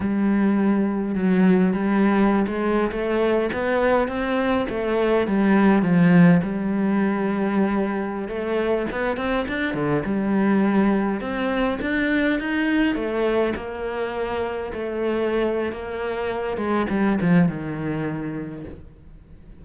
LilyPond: \new Staff \with { instrumentName = "cello" } { \time 4/4 \tempo 4 = 103 g2 fis4 g4~ | g16 gis8. a4 b4 c'4 | a4 g4 f4 g4~ | g2~ g16 a4 b8 c'16~ |
c'16 d'8 d8 g2 c'8.~ | c'16 d'4 dis'4 a4 ais8.~ | ais4~ ais16 a4.~ a16 ais4~ | ais8 gis8 g8 f8 dis2 | }